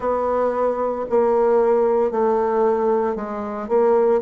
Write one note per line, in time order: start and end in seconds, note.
0.00 1.05 B3
1.09 2.11 A#3
2.11 3.15 A3
3.15 3.68 G#3
3.68 4.21 A#3